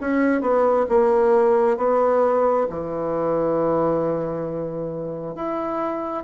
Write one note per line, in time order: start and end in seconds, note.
0.00 0.41 C#4
0.41 0.85 B3
0.88 1.77 A#3
1.77 2.67 B3
2.69 5.35 E3
5.35 6.24 E4